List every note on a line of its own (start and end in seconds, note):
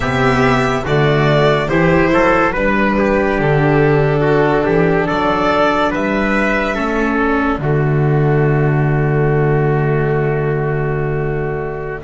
0.00 0.84 C3
0.00 0.85 B3
0.00 0.84 G4
0.00 0.84 E5
0.84 1.69 D3
0.84 1.71 A3
0.84 1.68 F#4
0.84 1.68 D5
1.68 2.11 E3
1.68 2.55 E4
1.68 2.11 G4
1.68 2.52 C5
2.13 2.54 F#3
2.13 2.52 A4
2.52 3.38 G3
2.52 6.75 D4
2.52 2.94 B4
2.52 3.40 B4
2.98 4.21 G4
3.38 4.65 D3
3.38 5.08 A4
4.21 4.63 F#4
4.65 5.08 E3
4.65 5.06 G4
5.06 5.93 F#3
5.06 5.90 A4
5.06 5.92 D5
5.90 6.77 G3
5.90 6.74 B4
5.90 7.18 E5
6.74 7.58 A3
6.74 7.59 C#4
6.74 7.59 A4
7.18 12.03 D5
7.58 12.02 D3
7.58 12.03 A3
7.58 12.03 F#4